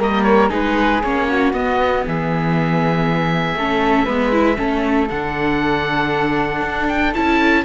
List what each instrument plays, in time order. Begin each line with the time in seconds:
0.00 cello G3, viola A#3, flute A#4, oboe D#5
0.23 oboe C#5
0.50 cello G#3, viola D#4, flute G#4, oboe B4
1.03 cello A#3, viola C#4, oboe C#5
1.28 flute F#4
1.53 cello B3, viola B3, oboe D#5
2.07 cello E3, flute G#4, oboe E5
3.55 cello A3, viola C#4, flute A4
4.05 cello G#3, viola B3, flute B4
4.33 viola E4
4.57 cello A3, viola C#4, flute A4
5.10 cello D3, viola D4, oboe F#5
6.62 cello D4
6.88 oboe G5
7.15 cello C#4, viola E4, oboe A5